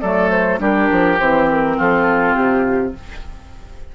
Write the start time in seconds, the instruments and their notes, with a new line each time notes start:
0.00 bassoon F#3, clarinet A3, oboe A4, flute D5
0.30 flute C5
0.59 bassoon G3, clarinet D4, oboe G4, flute A#4
0.90 bassoon F3
1.18 bassoon E3, clarinet C4, flute C5
1.50 flute A#4
1.77 bassoon F3, oboe F4, flute A4
2.35 bassoon C3, flute G4